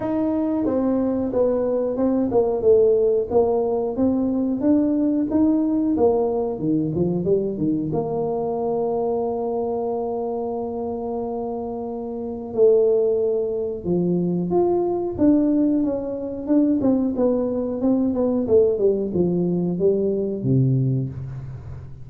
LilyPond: \new Staff \with { instrumentName = "tuba" } { \time 4/4 \tempo 4 = 91 dis'4 c'4 b4 c'8 ais8 | a4 ais4 c'4 d'4 | dis'4 ais4 dis8 f8 g8 dis8 | ais1~ |
ais2. a4~ | a4 f4 f'4 d'4 | cis'4 d'8 c'8 b4 c'8 b8 | a8 g8 f4 g4 c4 | }